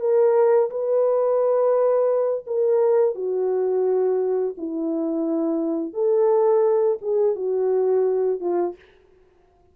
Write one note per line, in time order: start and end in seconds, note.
0.00 0.70 A#4
0.70 2.45 B4
2.46 3.15 A#4
3.15 4.55 F#4
4.57 5.94 E4
5.94 6.98 A4
7.01 7.36 G#4
7.36 8.40 F#4
8.40 8.75 F4